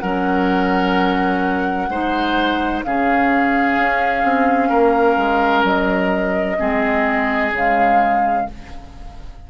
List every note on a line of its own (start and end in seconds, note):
0.00 1.90 F#3
0.00 1.89 C#4
0.00 1.90 A#4
0.00 2.81 F#5
1.90 2.83 G#3
1.90 2.85 D#4
1.90 2.85 C5
2.84 3.78 C#3
2.84 6.58 C#4
2.84 4.70 G#4
2.84 5.65 F5
3.78 4.24 C#4
4.24 4.70 C4
4.70 5.17 A#3
4.70 6.57 A#4
5.17 5.64 G#3
5.64 6.57 F#3
5.64 7.54 D#5
6.58 7.52 G#3
6.58 7.52 C4
6.58 8.47 G#4
7.52 8.46 C#3
7.52 8.49 G#3
7.52 8.51 F5